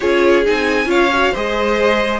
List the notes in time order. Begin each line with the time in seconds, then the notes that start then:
0.00 C#4 F4 G#4 C#5
0.44 C4 D#4 G#5
0.86 C#4 F4 C#5 F5
1.13 F#4
1.31 G#3 G#4 C5 D#5